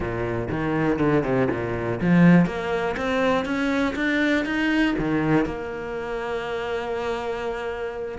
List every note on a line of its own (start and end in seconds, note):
0.00 0.48 A#2
0.50 0.98 D#3
0.98 1.23 D3
1.23 1.47 C3
1.50 2.00 A#2
2.00 2.45 F3
2.45 2.95 A#3
2.97 3.45 C4
3.45 3.94 C#4
3.95 4.45 D4
4.45 4.95 D#4
4.98 5.45 D#3
5.45 8.18 A#3